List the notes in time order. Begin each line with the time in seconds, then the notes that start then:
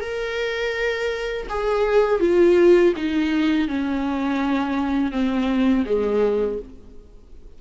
0.00 A#4
1.49 G#4
2.20 F4
2.96 D#4
3.68 C#4
5.12 C4
5.85 G#3